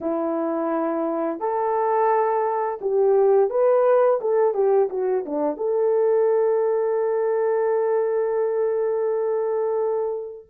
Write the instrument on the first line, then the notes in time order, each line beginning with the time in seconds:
horn
0.00 E4
1.39 A4
2.81 G4
3.49 B4
4.21 A4
4.53 G4
4.89 F#4
5.25 D4
5.57 A4